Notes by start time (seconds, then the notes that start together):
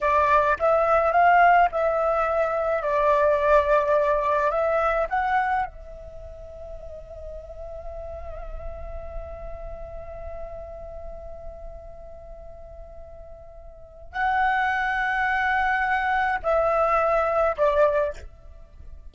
0.01 D5
0.59 E5
1.12 F5
1.71 E5
2.82 D5
4.50 E5
5.09 F#5
5.66 E5
14.12 F#5
16.43 E5
17.57 D5